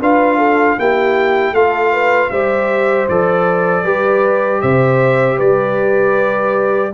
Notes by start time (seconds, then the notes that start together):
0.00 D4 F4 B4 F5
0.38 A4
0.78 A#3 E4 G4 G5
1.52 A3 F4 A4 F5
1.92 B4
2.30 G3 G4 C5 E5
3.09 F3 A4 D5
3.84 G3 G4 B4
4.61 C3 C5 E5
5.37 G3 B4 D5